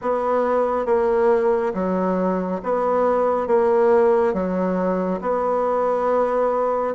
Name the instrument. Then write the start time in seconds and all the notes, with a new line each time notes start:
bassoon
0.01 B3
0.85 A#3
1.74 F#3
2.63 B3
3.47 A#3
4.33 F#3
5.21 B3